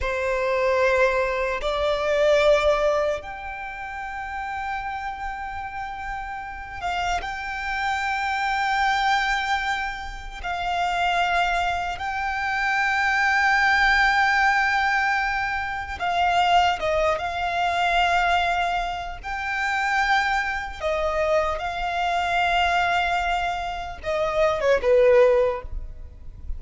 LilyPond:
\new Staff \with { instrumentName = "violin" } { \time 4/4 \tempo 4 = 75 c''2 d''2 | g''1~ | g''8 f''8 g''2.~ | g''4 f''2 g''4~ |
g''1 | f''4 dis''8 f''2~ f''8 | g''2 dis''4 f''4~ | f''2 dis''8. cis''16 b'4 | }